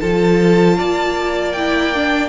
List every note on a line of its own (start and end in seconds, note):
0.00 0.79 F3
0.00 1.55 F4
0.00 0.77 A4
0.00 1.52 A5
0.77 2.29 A#3
0.77 2.29 D5
1.52 1.95 E4
1.52 2.29 G5
1.95 2.29 D4